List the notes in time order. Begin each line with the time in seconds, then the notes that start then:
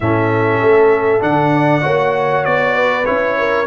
0.00 A2 C#4 A4 E5
0.62 A3
1.20 D3 D4 F#5
1.54 D5
1.81 A#3 F#4 C#5
2.44 B3 D5
2.74 B4
3.05 C#4 E4 C#5
3.38 A#4